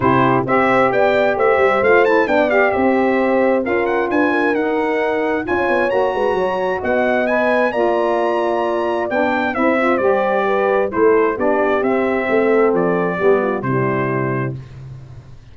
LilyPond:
<<
  \new Staff \with { instrumentName = "trumpet" } { \time 4/4 \tempo 4 = 132 c''4 e''4 g''4 e''4 | f''8 a''8 g''8 f''8 e''2 | f''8 fis''8 gis''4 fis''2 | gis''4 ais''2 fis''4 |
gis''4 ais''2. | g''4 e''4 d''2 | c''4 d''4 e''2 | d''2 c''2 | }
  \new Staff \with { instrumentName = "horn" } { \time 4/4 g'4 c''4 d''4 c''4~ | c''4 d''4 c''2 | ais'4 b'8 ais'2~ ais'8 | cis''4. b'8 cis''4 dis''4~ |
dis''4 d''2.~ | d''4 c''2 b'4 | a'4 g'2 a'4~ | a'4 g'8 f'8 e'2 | }
  \new Staff \with { instrumentName = "saxophone" } { \time 4/4 e'4 g'2. | f'8 e'8 d'8 g'2~ g'8 | f'2 dis'2 | f'4 fis'2. |
b'4 f'2. | d'4 e'8 f'8 g'2 | e'4 d'4 c'2~ | c'4 b4 g2 | }
  \new Staff \with { instrumentName = "tuba" } { \time 4/4 c4 c'4 b4 a8 g8 | a4 b4 c'2 | cis'4 d'4 dis'2 | cis'8 b8 ais8 gis8 fis4 b4~ |
b4 ais2. | b4 c'4 g2 | a4 b4 c'4 a4 | f4 g4 c2 | }
>>